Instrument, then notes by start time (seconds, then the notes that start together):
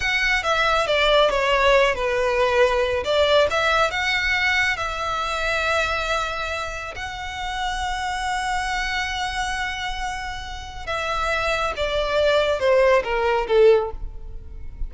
violin
0.00 F#5
0.43 E5
0.86 D5
1.30 C#5
1.95 B4
3.04 D5
3.50 E5
3.90 F#5
4.76 E5
6.95 F#5
10.86 E5
11.76 D5
12.59 C5
13.03 A#4
13.47 A4